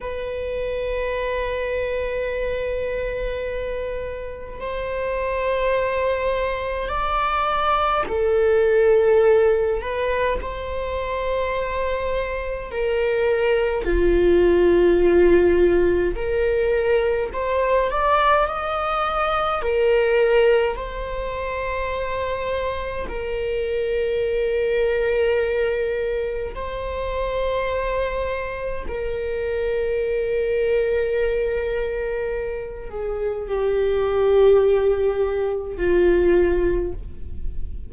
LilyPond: \new Staff \with { instrumentName = "viola" } { \time 4/4 \tempo 4 = 52 b'1 | c''2 d''4 a'4~ | a'8 b'8 c''2 ais'4 | f'2 ais'4 c''8 d''8 |
dis''4 ais'4 c''2 | ais'2. c''4~ | c''4 ais'2.~ | ais'8 gis'8 g'2 f'4 | }